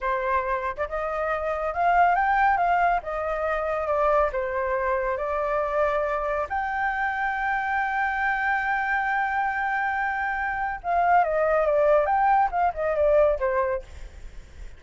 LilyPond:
\new Staff \with { instrumentName = "flute" } { \time 4/4 \tempo 4 = 139 c''4.~ c''16 d''16 dis''2 | f''4 g''4 f''4 dis''4~ | dis''4 d''4 c''2 | d''2. g''4~ |
g''1~ | g''1~ | g''4 f''4 dis''4 d''4 | g''4 f''8 dis''8 d''4 c''4 | }